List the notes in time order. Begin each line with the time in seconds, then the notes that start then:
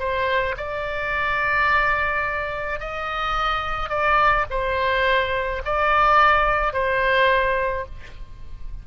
0.00 C5
0.57 D5
2.80 D#5
3.90 D5
4.51 C5
5.65 D5
6.74 C5